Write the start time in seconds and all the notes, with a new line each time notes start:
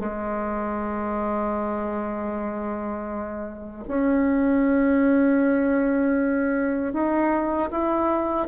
0.00 G#3
3.88 C#4
6.94 D#4
7.71 E4